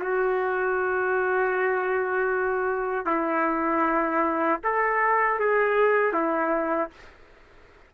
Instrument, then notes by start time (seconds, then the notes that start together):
trumpet
0.00 F#4
3.06 E4
4.64 A4
5.40 G#4
6.13 E4